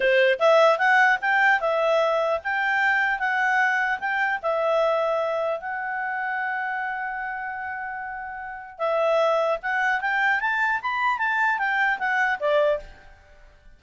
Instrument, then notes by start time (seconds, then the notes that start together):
clarinet
0.00 C5
0.39 E5
0.78 F#5
1.21 G5
1.60 E5
2.43 G5
3.19 F#5
3.99 G5
4.42 E5
5.60 F#5
8.78 E5
9.62 F#5
10.00 G5
10.40 A5
10.81 B5
11.18 A5
11.58 G5
11.99 F#5
12.39 D5